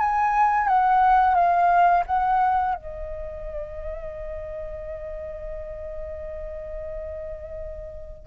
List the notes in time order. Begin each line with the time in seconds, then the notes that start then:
0.00 G#5
0.68 F#5
1.35 F5
2.07 F#5
2.75 D#5